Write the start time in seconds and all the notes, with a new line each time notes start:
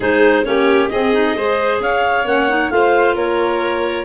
0.00 G#3 D#4 G#4 C5
0.44 A#3 C#4 G4 C#5
0.88 C4 G#4 D#5
1.13 D#4
1.34 G#3 G#4 C5
1.80 C#4 C#5 F5
2.25 A#3 C#4 F#5
2.48 D#4
2.69 A3 F4 C5 F5
3.14 A#3 A#4 C#5